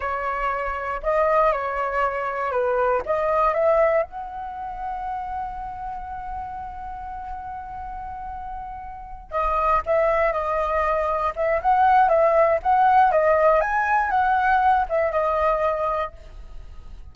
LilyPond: \new Staff \with { instrumentName = "flute" } { \time 4/4 \tempo 4 = 119 cis''2 dis''4 cis''4~ | cis''4 b'4 dis''4 e''4 | fis''1~ | fis''1~ |
fis''2~ fis''8 dis''4 e''8~ | e''8 dis''2 e''8 fis''4 | e''4 fis''4 dis''4 gis''4 | fis''4. e''8 dis''2 | }